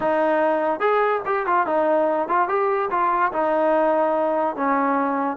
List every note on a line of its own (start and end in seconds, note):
0.00 0.80 D#4
0.80 1.21 G#4
1.25 1.46 G4
1.46 1.66 F4
1.66 2.28 D#4
2.28 2.48 F4
2.48 2.89 G4
2.90 3.32 F4
3.32 4.56 D#4
4.56 5.36 C#4